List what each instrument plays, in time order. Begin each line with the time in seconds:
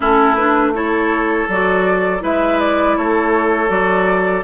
0.00 bassoon A3, clarinet C#4, oboe E4, flute A4
0.35 clarinet D4, flute B4
0.74 clarinet E4, oboe A4, flute C#5
1.48 bassoon F#3, clarinet F#4, flute D5
2.19 bassoon G#3, clarinet E4, oboe B4, flute E5
2.60 flute D5
2.97 bassoon A3, oboe A4, flute C#5
3.67 bassoon F#3, clarinet F#4, flute D5